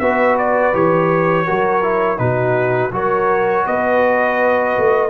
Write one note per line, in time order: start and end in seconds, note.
0.00 0.73 B3
0.00 0.74 F#4
0.00 1.46 B4
0.00 0.37 E5
0.39 0.75 D5
0.74 1.48 E3
0.74 1.47 G4
0.74 2.19 C#5
1.46 2.19 F#3
1.46 1.83 F#4
1.46 2.20 A#4
1.83 2.18 E4
2.18 2.92 B2
2.18 2.91 D#4
2.18 2.94 F#4
2.18 2.92 B4
2.92 3.65 F#3
2.92 5.10 F#4
2.92 3.66 A#4
2.92 3.67 C#5
3.66 4.78 B3
3.66 5.10 B4
3.66 5.10 D#5
4.78 5.10 A3